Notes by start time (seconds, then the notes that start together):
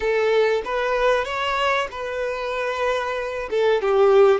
0.00 A4
0.64 B4
1.24 C#5
1.91 B4
3.50 A4
3.81 G4